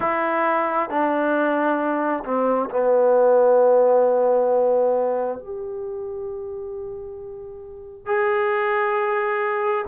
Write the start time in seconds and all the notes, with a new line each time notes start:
0.00 E4
0.90 D4
2.24 C4
2.70 B3
5.38 G4
8.06 G#4